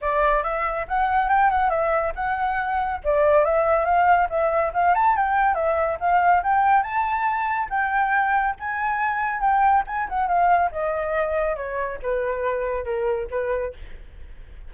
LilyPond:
\new Staff \with { instrumentName = "flute" } { \time 4/4 \tempo 4 = 140 d''4 e''4 fis''4 g''8 fis''8 | e''4 fis''2 d''4 | e''4 f''4 e''4 f''8 a''8 | g''4 e''4 f''4 g''4 |
a''2 g''2 | gis''2 g''4 gis''8 fis''8 | f''4 dis''2 cis''4 | b'2 ais'4 b'4 | }